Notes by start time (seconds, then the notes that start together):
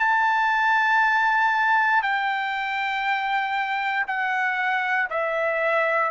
0.00 A5
2.03 G5
4.08 F#5
5.10 E5